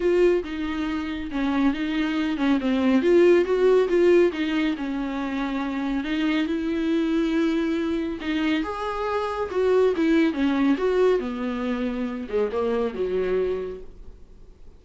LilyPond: \new Staff \with { instrumentName = "viola" } { \time 4/4 \tempo 4 = 139 f'4 dis'2 cis'4 | dis'4. cis'8 c'4 f'4 | fis'4 f'4 dis'4 cis'4~ | cis'2 dis'4 e'4~ |
e'2. dis'4 | gis'2 fis'4 e'4 | cis'4 fis'4 b2~ | b8 gis8 ais4 fis2 | }